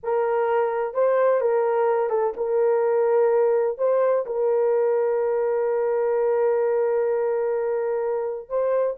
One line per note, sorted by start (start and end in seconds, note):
0.03 0.94 A#4
0.94 1.40 C5
1.40 2.09 A#4
2.09 2.33 A4
2.36 3.78 A#4
3.78 4.25 C5
4.26 8.49 A#4
8.49 8.96 C5